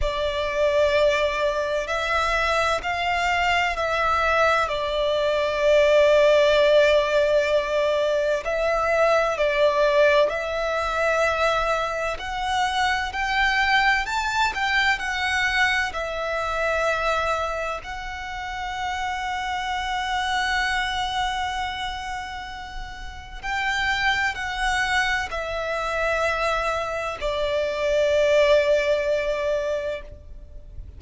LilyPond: \new Staff \with { instrumentName = "violin" } { \time 4/4 \tempo 4 = 64 d''2 e''4 f''4 | e''4 d''2.~ | d''4 e''4 d''4 e''4~ | e''4 fis''4 g''4 a''8 g''8 |
fis''4 e''2 fis''4~ | fis''1~ | fis''4 g''4 fis''4 e''4~ | e''4 d''2. | }